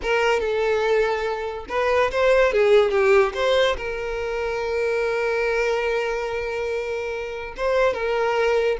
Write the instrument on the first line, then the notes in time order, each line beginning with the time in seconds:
violin
0.02 A#4
0.39 A4
1.68 B4
2.11 C5
2.52 G#4
2.90 G4
3.34 C5
3.76 A#4
7.57 C5
7.93 A#4